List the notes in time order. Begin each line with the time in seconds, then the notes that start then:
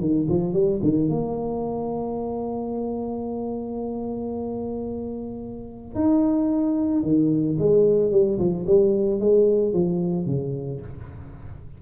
0.00 D#3
0.29 F3
0.53 G3
0.83 D#3
1.09 A#3
5.95 D#4
7.03 D#3
7.59 G#3
8.12 G3
8.39 F3
8.67 G3
9.20 G#3
9.73 F3
10.26 C#3